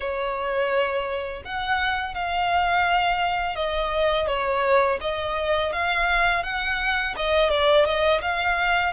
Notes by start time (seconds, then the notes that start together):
0.00 C#5
1.44 F#5
2.14 F5
3.55 D#5
4.27 C#5
5.01 D#5
5.72 F5
6.43 F#5
7.16 D#5
7.49 D5
7.85 D#5
8.21 F5